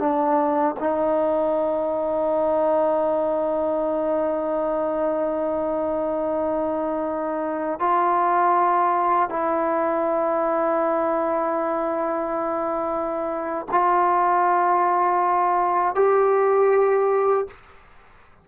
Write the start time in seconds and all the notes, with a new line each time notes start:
0.00 D4
0.80 D#4
7.80 F4
9.30 E4
13.72 F4
15.95 G4